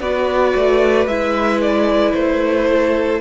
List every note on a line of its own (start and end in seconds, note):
0.00 0.54 B3
0.00 1.08 F#4
0.00 2.68 B4
0.00 1.07 D5
0.55 1.07 A3
1.07 2.14 G#3
1.07 3.21 E4
1.07 1.61 E5
1.61 2.14 D5
2.14 3.21 A3
2.14 3.21 C5
2.68 3.21 A4